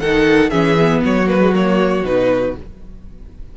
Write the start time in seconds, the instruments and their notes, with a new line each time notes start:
0.00 cello D#3, viola D#4, violin A4 F#5
0.51 cello E3, viola C#4, violin G#4 E5
0.80 viola B3
1.05 cello F#3, violin F#4 C#5
1.26 viola A#3, violin B4
1.40 viola G#3
1.53 viola A#3, violin C#5
2.04 cello B2, viola D#4, violin B4